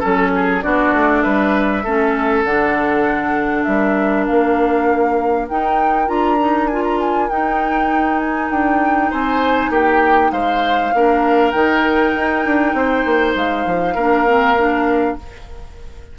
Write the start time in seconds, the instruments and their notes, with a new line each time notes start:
0.00 bassoon F#3, clarinet C#4, oboe A4, flute A4
0.36 oboe G#4
0.62 bassoon B3, clarinet D4, oboe F#4, flute D5
0.94 bassoon A3
1.23 bassoon G3, oboe B4, flute E5
1.84 bassoon A3, clarinet C#4, oboe A4
2.45 bassoon D3, clarinet D4, flute F#5
3.64 bassoon G3, oboe A#4, flute E5
4.27 bassoon A#3, flute F5
5.49 clarinet D#4, bassoon D#4, flute G5
6.07 bassoon D4, clarinet F4, flute A#5
6.40 clarinet D#4
6.68 clarinet F4, flute G#5
6.84 flute A#5
7.00 flute G#5
7.29 clarinet D#4, bassoon D#4, flute G5
8.20 flute G#5
8.51 bassoon D4, flute G5
9.11 bassoon C4, oboe C5, flute G#5
9.70 bassoon A#3, oboe G4, flute G5
10.32 bassoon G#3, oboe C5, flute F5
10.94 bassoon A#3, clarinet D4, oboe A#4
11.52 bassoon D#3, clarinet D#4, flute G5
12.16 bassoon D#4
12.46 bassoon D4
12.74 bassoon C4, oboe C5
13.06 bassoon A#3
13.35 bassoon G#3, flute F5
13.67 bassoon F3
13.95 bassoon A#3, clarinet D4, oboe A#4
14.27 clarinet C4
14.58 clarinet D4